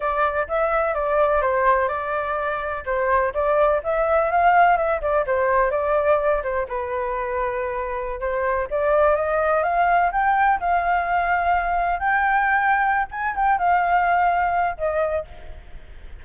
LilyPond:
\new Staff \with { instrumentName = "flute" } { \time 4/4 \tempo 4 = 126 d''4 e''4 d''4 c''4 | d''2 c''4 d''4 | e''4 f''4 e''8 d''8 c''4 | d''4. c''8 b'2~ |
b'4~ b'16 c''4 d''4 dis''8.~ | dis''16 f''4 g''4 f''4.~ f''16~ | f''4~ f''16 g''2~ g''16 gis''8 | g''8 f''2~ f''8 dis''4 | }